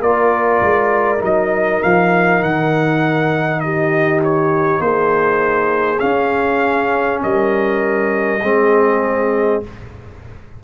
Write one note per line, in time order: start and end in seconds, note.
0.00 0.61 A#3
0.00 1.18 F4
0.00 3.60 A#4
0.00 1.23 D5
0.61 1.22 G#3
1.18 1.82 F#3
1.18 5.98 D#4
1.24 1.83 D#5
1.83 2.41 F3
1.83 2.43 F5
2.41 4.80 D#3
2.41 3.60 F#5
3.60 4.83 G4
3.60 4.21 D#5
4.24 4.82 C#5
4.80 6.00 A#3
4.80 7.23 G#4
4.80 6.00 C5
6.00 8.40 C#4
6.00 7.23 C#4
6.00 7.20 F5
7.23 8.43 G3
7.23 8.43 A#4
7.23 9.63 D#5
8.43 9.63 G#3
8.43 9.64 C4
8.43 9.63 G#4